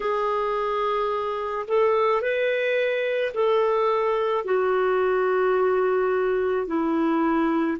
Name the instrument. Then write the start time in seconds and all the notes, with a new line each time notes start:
clarinet
0.00 G#4
1.67 A4
2.21 B4
3.34 A4
4.44 F#4
6.66 E4